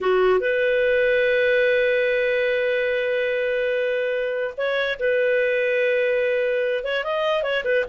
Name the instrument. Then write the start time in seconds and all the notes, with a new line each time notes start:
clarinet
0.00 F#4
0.40 B4
4.57 C#5
4.99 B4
6.84 C#5
7.04 D#5
7.42 C#5
7.64 B4